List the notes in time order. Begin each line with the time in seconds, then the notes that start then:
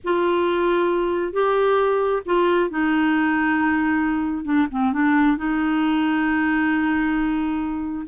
0.03 F4
1.32 G4
2.25 F4
2.70 D#4
4.44 D4
4.71 C4
4.92 D4
5.37 D#4